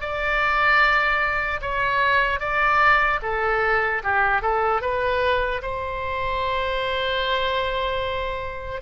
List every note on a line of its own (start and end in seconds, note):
0.00 1.60 D5
1.61 2.40 C#5
2.40 3.20 D5
3.22 4.02 A4
4.03 4.41 G4
4.41 4.81 A4
4.81 5.61 B4
5.62 8.81 C5